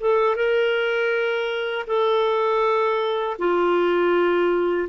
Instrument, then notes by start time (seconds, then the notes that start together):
clarinet
0.00 A4
0.36 A#4
1.88 A4
3.39 F4